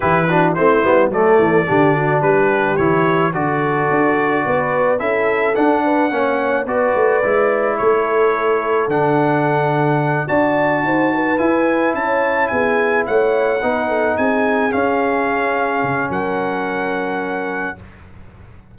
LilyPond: <<
  \new Staff \with { instrumentName = "trumpet" } { \time 4/4 \tempo 4 = 108 b'4 c''4 d''2 | b'4 cis''4 d''2~ | d''4 e''4 fis''2 | d''2 cis''2 |
fis''2~ fis''8 a''4.~ | a''8 gis''4 a''4 gis''4 fis''8~ | fis''4. gis''4 f''4.~ | f''4 fis''2. | }
  \new Staff \with { instrumentName = "horn" } { \time 4/4 g'8 fis'8 e'4 a'4 g'8 fis'8 | g'2 a'2 | b'4 a'4. b'8 cis''4 | b'2 a'2~ |
a'2~ a'8 d''4 c''8 | b'4. cis''4 gis'4 cis''8~ | cis''8 b'8 a'8 gis'2~ gis'8~ | gis'4 ais'2. | }
  \new Staff \with { instrumentName = "trombone" } { \time 4/4 e'8 d'8 c'8 b8 a4 d'4~ | d'4 e'4 fis'2~ | fis'4 e'4 d'4 cis'4 | fis'4 e'2. |
d'2~ d'8 fis'4.~ | fis'8 e'2.~ e'8~ | e'8 dis'2 cis'4.~ | cis'1 | }
  \new Staff \with { instrumentName = "tuba" } { \time 4/4 e4 a8 g8 fis8 e8 d4 | g4 e4 d4 d'4 | b4 cis'4 d'4 ais4 | b8 a8 gis4 a2 |
d2~ d8 d'4 dis'8~ | dis'8 e'4 cis'4 b4 a8~ | a8 b4 c'4 cis'4.~ | cis'8 cis8 fis2. | }
>>